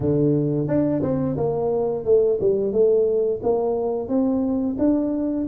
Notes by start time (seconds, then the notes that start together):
0.00 D3
0.67 D4
1.02 C4
1.36 A#3
2.04 A3
2.40 G3
2.72 A3
3.42 A#3
4.08 C4
4.78 D4